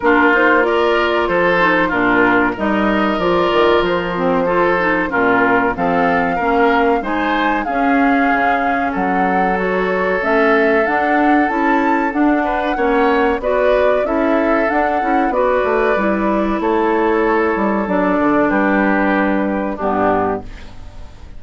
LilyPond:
<<
  \new Staff \with { instrumentName = "flute" } { \time 4/4 \tempo 4 = 94 ais'8 c''8 d''4 c''4 ais'4 | dis''4 d''4 c''2 | ais'4 f''2 gis''4 | f''2 fis''4 cis''4 |
e''4 fis''4 a''4 fis''4~ | fis''4 d''4 e''4 fis''4 | d''2 cis''2 | d''4 b'2 g'4 | }
  \new Staff \with { instrumentName = "oboe" } { \time 4/4 f'4 ais'4 a'4 f'4 | ais'2. a'4 | f'4 a'4 ais'4 c''4 | gis'2 a'2~ |
a'2.~ a'8 b'8 | cis''4 b'4 a'2 | b'2 a'2~ | a'4 g'2 d'4 | }
  \new Staff \with { instrumentName = "clarinet" } { \time 4/4 d'8 dis'8 f'4. dis'8 d'4 | dis'4 f'4. c'8 f'8 dis'8 | cis'4 c'4 cis'4 dis'4 | cis'2. fis'4 |
cis'4 d'4 e'4 d'4 | cis'4 fis'4 e'4 d'8 e'8 | fis'4 e'2. | d'2. b4 | }
  \new Staff \with { instrumentName = "bassoon" } { \time 4/4 ais2 f4 ais,4 | g4 f8 dis8 f2 | ais,4 f4 ais4 gis4 | cis'4 cis4 fis2 |
a4 d'4 cis'4 d'4 | ais4 b4 cis'4 d'8 cis'8 | b8 a8 g4 a4. g8 | fis8 d8 g2 g,4 | }
>>